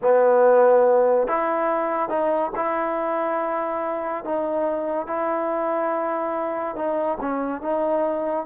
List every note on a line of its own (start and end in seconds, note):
0.02 1.27 B3
1.27 2.09 E4
2.09 2.51 D#4
2.55 4.24 E4
4.24 5.07 D#4
5.07 6.75 E4
6.75 7.18 D#4
7.20 7.61 C#4
7.61 8.46 D#4